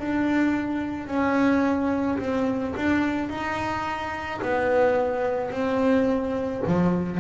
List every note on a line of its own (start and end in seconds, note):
0.00 1.08 D4
1.08 2.19 C#4
2.19 2.75 C4
2.77 3.30 D4
3.30 4.41 D#4
4.42 5.52 B3
5.52 6.63 C4
6.68 7.20 F3